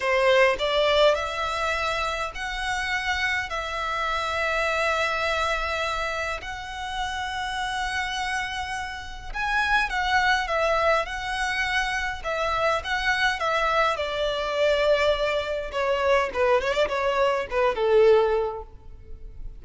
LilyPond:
\new Staff \with { instrumentName = "violin" } { \time 4/4 \tempo 4 = 103 c''4 d''4 e''2 | fis''2 e''2~ | e''2. fis''4~ | fis''1 |
gis''4 fis''4 e''4 fis''4~ | fis''4 e''4 fis''4 e''4 | d''2. cis''4 | b'8 cis''16 d''16 cis''4 b'8 a'4. | }